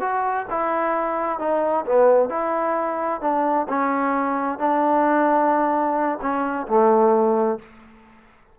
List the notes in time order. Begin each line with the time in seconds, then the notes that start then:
0.00 F#4
0.50 E4
1.39 D#4
1.85 B3
2.29 E4
3.21 D4
3.68 C#4
4.58 D4
6.21 C#4
6.67 A3